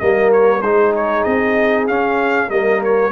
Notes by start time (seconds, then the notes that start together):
0.00 G3 A#3 A#4 D#5
0.33 C#5
0.62 G#3 D#4 G#4 C5
0.96 C#5
1.24 C4 D#5
1.88 C#4 F5
2.48 G3 A#3 A#4 D#5
2.84 C#5